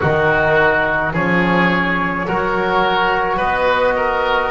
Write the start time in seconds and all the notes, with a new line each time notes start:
0.00 D#3 D#4 F#4 A#4
1.13 F3 C#4 G#4 C#5
2.27 F#3 F#4 A#4
3.37 B3 B4 D#5
3.96 A#4